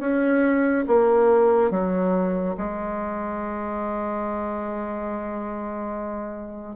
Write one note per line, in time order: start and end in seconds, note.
0.00 0.85 C#4
0.87 1.71 A#3
1.71 2.55 F#3
2.57 6.76 G#3